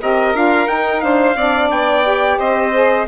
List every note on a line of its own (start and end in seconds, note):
0.00 0.34 C4
0.00 0.34 G4
0.00 1.03 A#4
0.00 0.36 D#5
0.34 0.67 D4
0.34 0.65 F4
0.34 0.67 F5
0.65 1.34 D#4
0.65 1.01 D#4
0.65 1.00 G5
1.00 1.35 D4
1.00 1.37 C5
1.00 1.68 F5
1.35 1.69 C4
1.35 2.03 D4
1.35 2.38 D5
1.70 2.38 B3
1.70 2.38 G5
2.03 2.72 G4
2.38 3.07 C4
2.38 3.06 C5
2.38 3.07 D#5
2.72 3.06 G#4